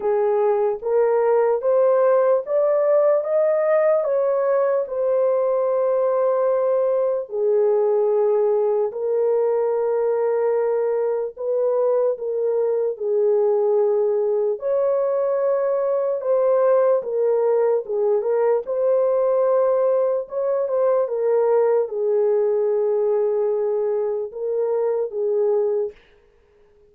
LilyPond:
\new Staff \with { instrumentName = "horn" } { \time 4/4 \tempo 4 = 74 gis'4 ais'4 c''4 d''4 | dis''4 cis''4 c''2~ | c''4 gis'2 ais'4~ | ais'2 b'4 ais'4 |
gis'2 cis''2 | c''4 ais'4 gis'8 ais'8 c''4~ | c''4 cis''8 c''8 ais'4 gis'4~ | gis'2 ais'4 gis'4 | }